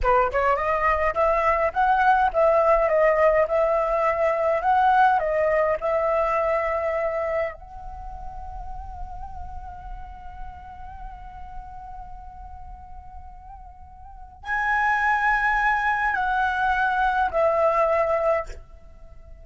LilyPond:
\new Staff \with { instrumentName = "flute" } { \time 4/4 \tempo 4 = 104 b'8 cis''8 dis''4 e''4 fis''4 | e''4 dis''4 e''2 | fis''4 dis''4 e''2~ | e''4 fis''2.~ |
fis''1~ | fis''1~ | fis''4 gis''2. | fis''2 e''2 | }